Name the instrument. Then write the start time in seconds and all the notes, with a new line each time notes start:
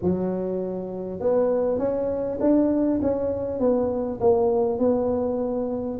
tuba
0.01 F#3
1.19 B3
1.78 C#4
2.40 D4
3.02 C#4
3.59 B3
4.20 A#3
4.78 B3